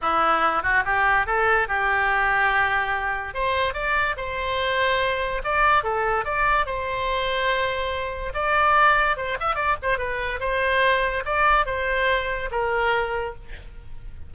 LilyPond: \new Staff \with { instrumentName = "oboe" } { \time 4/4 \tempo 4 = 144 e'4. fis'8 g'4 a'4 | g'1 | c''4 d''4 c''2~ | c''4 d''4 a'4 d''4 |
c''1 | d''2 c''8 e''8 d''8 c''8 | b'4 c''2 d''4 | c''2 ais'2 | }